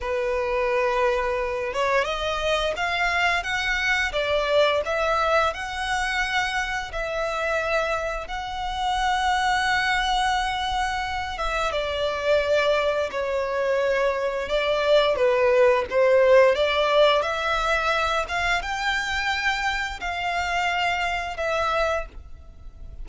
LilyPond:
\new Staff \with { instrumentName = "violin" } { \time 4/4 \tempo 4 = 87 b'2~ b'8 cis''8 dis''4 | f''4 fis''4 d''4 e''4 | fis''2 e''2 | fis''1~ |
fis''8 e''8 d''2 cis''4~ | cis''4 d''4 b'4 c''4 | d''4 e''4. f''8 g''4~ | g''4 f''2 e''4 | }